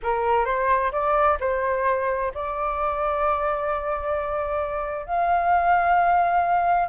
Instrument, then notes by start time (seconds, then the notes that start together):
flute
0.03 A#4
0.45 C5
0.92 D5
1.40 C5
2.34 D5
5.06 F5